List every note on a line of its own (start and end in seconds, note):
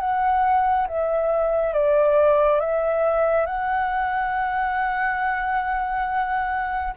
0.00 0.87 F#5
0.87 1.73 E5
1.73 2.60 D5
2.60 3.46 E5
3.46 6.94 F#5